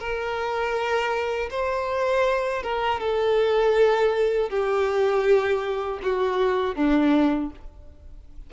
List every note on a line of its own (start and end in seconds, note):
0.00 1.50 A#4
1.51 2.63 C5
2.63 3.00 A#4
3.00 4.50 A4
4.50 6.00 G4
6.03 6.76 F#4
6.76 7.51 D4